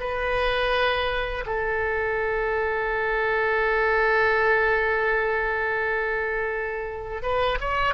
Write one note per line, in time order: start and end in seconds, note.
0.00 1.45 B4
1.46 7.23 A4
7.23 7.59 B4
7.61 7.95 C#5